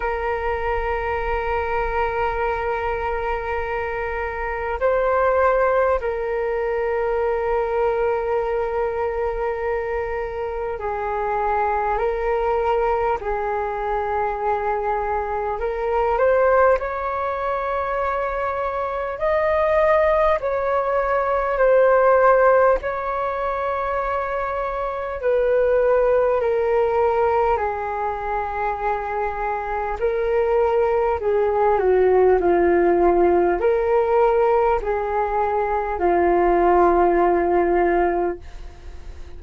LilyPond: \new Staff \with { instrumentName = "flute" } { \time 4/4 \tempo 4 = 50 ais'1 | c''4 ais'2.~ | ais'4 gis'4 ais'4 gis'4~ | gis'4 ais'8 c''8 cis''2 |
dis''4 cis''4 c''4 cis''4~ | cis''4 b'4 ais'4 gis'4~ | gis'4 ais'4 gis'8 fis'8 f'4 | ais'4 gis'4 f'2 | }